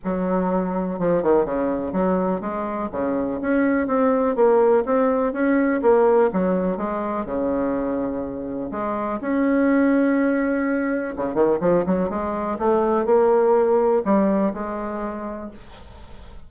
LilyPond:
\new Staff \with { instrumentName = "bassoon" } { \time 4/4 \tempo 4 = 124 fis2 f8 dis8 cis4 | fis4 gis4 cis4 cis'4 | c'4 ais4 c'4 cis'4 | ais4 fis4 gis4 cis4~ |
cis2 gis4 cis'4~ | cis'2. cis8 dis8 | f8 fis8 gis4 a4 ais4~ | ais4 g4 gis2 | }